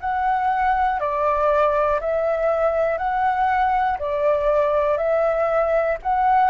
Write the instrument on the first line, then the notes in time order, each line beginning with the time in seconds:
flute
0.00 F#5
1.00 D5
2.00 E5
2.97 F#5
3.99 D5
4.97 E5
6.02 F#5